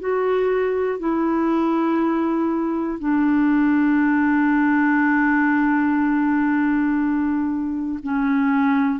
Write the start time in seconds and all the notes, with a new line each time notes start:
0.00 F#4
1.00 E4
3.00 D4
8.03 C#4